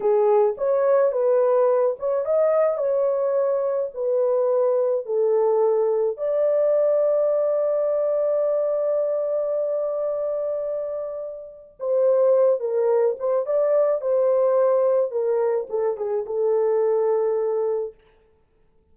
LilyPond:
\new Staff \with { instrumentName = "horn" } { \time 4/4 \tempo 4 = 107 gis'4 cis''4 b'4. cis''8 | dis''4 cis''2 b'4~ | b'4 a'2 d''4~ | d''1~ |
d''1~ | d''4 c''4. ais'4 c''8 | d''4 c''2 ais'4 | a'8 gis'8 a'2. | }